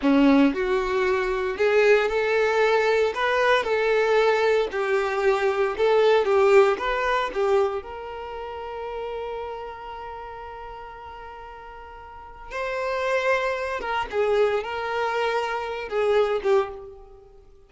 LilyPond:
\new Staff \with { instrumentName = "violin" } { \time 4/4 \tempo 4 = 115 cis'4 fis'2 gis'4 | a'2 b'4 a'4~ | a'4 g'2 a'4 | g'4 b'4 g'4 ais'4~ |
ais'1~ | ais'1 | c''2~ c''8 ais'8 gis'4 | ais'2~ ais'8 gis'4 g'8 | }